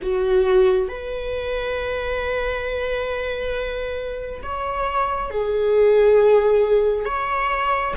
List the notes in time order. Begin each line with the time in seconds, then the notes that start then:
0.02 F#4
0.88 B4
4.42 C#5
5.30 G#4
7.05 C#5